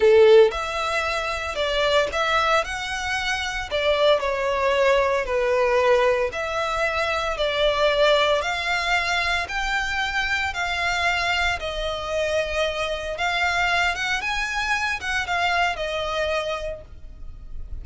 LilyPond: \new Staff \with { instrumentName = "violin" } { \time 4/4 \tempo 4 = 114 a'4 e''2 d''4 | e''4 fis''2 d''4 | cis''2 b'2 | e''2 d''2 |
f''2 g''2 | f''2 dis''2~ | dis''4 f''4. fis''8 gis''4~ | gis''8 fis''8 f''4 dis''2 | }